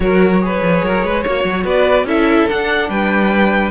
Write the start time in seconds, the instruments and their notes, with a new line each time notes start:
0.00 cello F#3, viola F#4, violin A#4 C#5
0.41 viola G#4, violin B4
0.61 cello F3
0.83 cello F#3, violin A#4
1.03 cello G#3, violin B4
1.23 cello A#3, viola F#4, violin C#5
1.43 cello F#3
1.64 cello B3, violin B4 D5
2.04 cello C#4, viola E4, violin A4 E5
2.48 viola D4, cello D4, violin F#5
2.89 cello G3, violin B4 G5